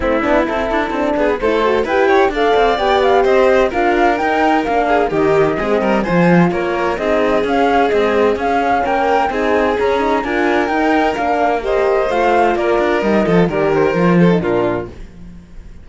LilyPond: <<
  \new Staff \with { instrumentName = "flute" } { \time 4/4 \tempo 4 = 129 e''4 a'4. b'8 c''4 | g''4 f''4 g''8 f''8 dis''4 | f''4 g''4 f''4 dis''4~ | dis''4 gis''4 cis''4 dis''4 |
f''4 dis''4 f''4 g''4 | gis''4 ais''4 gis''4 g''4 | f''4 dis''4 f''4 d''4 | dis''4 d''8 c''4. ais'4 | }
  \new Staff \with { instrumentName = "violin" } { \time 4/4 e'2~ e'8 gis'8 a'4 | b'8 cis''8 d''2 c''4 | ais'2~ ais'8 gis'8 g'4 | gis'8 ais'8 c''4 ais'4 gis'4~ |
gis'2. ais'4 | gis'2 ais'2~ | ais'4 c''2 ais'4~ | ais'8 a'8 ais'4. a'8 f'4 | }
  \new Staff \with { instrumentName = "horn" } { \time 4/4 c'8 d'8 e'4 d'4 e'8 fis'8 | g'4 a'4 g'2 | f'4 dis'4 d'4 dis'4 | c'4 f'2 dis'4 |
cis'4 gis4 cis'2 | dis'4 cis'8 dis'8 f'4 dis'4 | d'4 g'4 f'2 | dis'8 f'8 g'4 f'8. dis'16 d'4 | }
  \new Staff \with { instrumentName = "cello" } { \time 4/4 a8 b8 c'8 d'8 c'8 b8 a4 | e'4 d'8 c'8 b4 c'4 | d'4 dis'4 ais4 dis4 | gis8 g8 f4 ais4 c'4 |
cis'4 c'4 cis'4 ais4 | c'4 cis'4 d'4 dis'4 | ais2 a4 ais8 d'8 | g8 f8 dis4 f4 ais,4 | }
>>